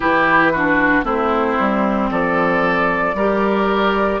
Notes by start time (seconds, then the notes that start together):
0.00 E3 E4 G4 B4
0.52 D4 F#4
1.03 A3 C4 E4 C5
1.59 G3
2.10 F3 A4 D5
3.14 G3 G4 A#4